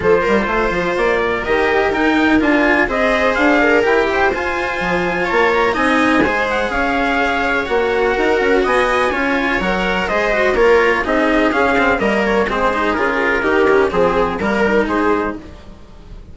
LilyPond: <<
  \new Staff \with { instrumentName = "trumpet" } { \time 4/4 \tempo 4 = 125 c''2 d''4 dis''4 | g''4 gis''4 dis''4 f''4 | g''4 gis''2 a''8 ais''8 | gis''4. fis''8 f''2 |
fis''2 gis''2 | fis''4 dis''4 cis''4 dis''4 | f''4 dis''8 cis''8 c''4 ais'4~ | ais'4 gis'4 ais'4 c''4 | }
  \new Staff \with { instrumentName = "viola" } { \time 4/4 a'8 ais'8 c''4. ais'4.~ | ais'2 c''4. ais'8~ | ais'8 c''2~ c''8 cis''4 | dis''4 c''4 cis''2~ |
cis''4 ais'4 dis''4 cis''4~ | cis''4 c''4 ais'4 gis'4~ | gis'4 ais'4 gis'2 | g'4 gis'4 ais'4 gis'4 | }
  \new Staff \with { instrumentName = "cello" } { \time 4/4 f'2. g'4 | dis'4 f'4 gis'2 | g'4 f'2. | dis'4 gis'2. |
fis'2. f'4 | ais'4 gis'8 fis'8 f'4 dis'4 | cis'8 c'8 ais4 c'8 dis'8 f'4 | dis'8 cis'8 c'4 ais8 dis'4. | }
  \new Staff \with { instrumentName = "bassoon" } { \time 4/4 f8 g8 a8 f8 ais4 dis4 | dis'4 d'4 c'4 d'4 | e'4 f'4 f4 ais4 | c'4 gis4 cis'2 |
ais4 dis'8 cis'8 b4 cis'4 | fis4 gis4 ais4 c'4 | cis'4 g4 gis4 cis4 | dis4 f4 g4 gis4 | }
>>